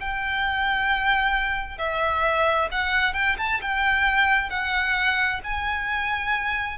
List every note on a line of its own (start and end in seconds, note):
0.00 1.78 G5
1.78 2.69 E5
2.71 3.13 F#5
3.13 3.36 G5
3.38 3.61 A5
3.61 4.50 G5
4.50 5.40 F#5
5.44 6.78 G#5